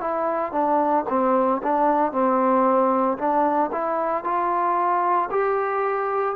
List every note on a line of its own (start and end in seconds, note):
0.00 0.52 E4
0.52 1.04 D4
1.09 1.61 C4
1.63 2.12 D4
2.12 3.17 C4
3.18 3.70 D4
3.72 4.23 E4
4.23 5.29 F4
5.31 6.35 G4